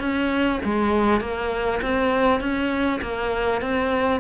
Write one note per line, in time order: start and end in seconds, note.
0.00 0.60 C#4
0.64 1.21 G#3
1.21 1.81 A#3
1.82 2.40 C4
2.40 3.00 C#4
3.02 3.61 A#3
3.61 4.20 C4